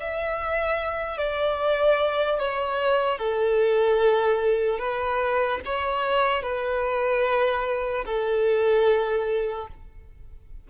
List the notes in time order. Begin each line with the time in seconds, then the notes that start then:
0.00 E5
1.18 D5
2.39 C#5
3.18 A4
4.79 B4
5.65 C#5
6.42 B4
8.05 A4